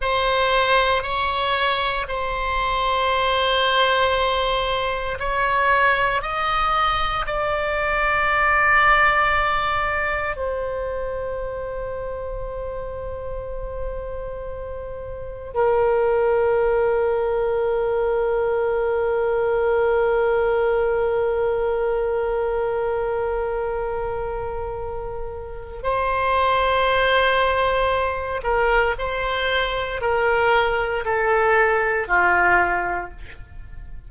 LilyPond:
\new Staff \with { instrumentName = "oboe" } { \time 4/4 \tempo 4 = 58 c''4 cis''4 c''2~ | c''4 cis''4 dis''4 d''4~ | d''2 c''2~ | c''2. ais'4~ |
ais'1~ | ais'1~ | ais'4 c''2~ c''8 ais'8 | c''4 ais'4 a'4 f'4 | }